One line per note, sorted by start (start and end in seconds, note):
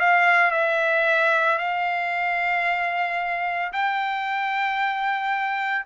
0.00 0.51 F5
0.51 1.58 E5
1.58 3.72 F5
3.73 5.85 G5